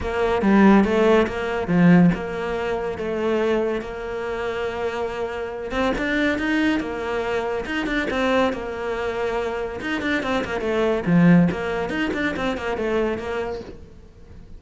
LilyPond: \new Staff \with { instrumentName = "cello" } { \time 4/4 \tempo 4 = 141 ais4 g4 a4 ais4 | f4 ais2 a4~ | a4 ais2.~ | ais4. c'8 d'4 dis'4 |
ais2 dis'8 d'8 c'4 | ais2. dis'8 d'8 | c'8 ais8 a4 f4 ais4 | dis'8 d'8 c'8 ais8 a4 ais4 | }